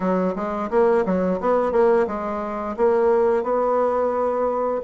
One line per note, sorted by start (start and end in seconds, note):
0.00 0.34 F#3
0.35 0.70 G#3
0.70 1.04 A#3
1.05 1.39 F#3
1.40 1.71 B3
1.71 2.06 A#3
2.07 2.76 G#3
2.76 3.43 A#3
3.43 4.81 B3